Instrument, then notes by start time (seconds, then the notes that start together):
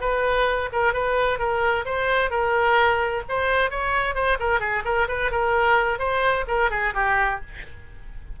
oboe
0.00 B4
0.72 A#4
0.93 B4
1.38 A#4
1.85 C5
2.30 A#4
3.28 C5
3.70 C#5
4.14 C5
4.39 A#4
4.60 G#4
4.84 A#4
5.08 B4
5.31 A#4
5.98 C5
6.47 A#4
6.70 G#4
6.94 G4